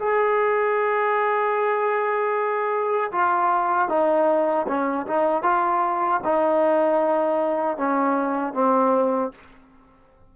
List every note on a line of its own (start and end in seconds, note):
0.00 3.12 G#4
3.12 3.89 F4
3.89 4.67 D#4
4.68 5.07 C#4
5.07 5.43 D#4
5.43 6.21 F4
6.24 7.78 D#4
7.78 8.54 C#4
8.54 9.32 C4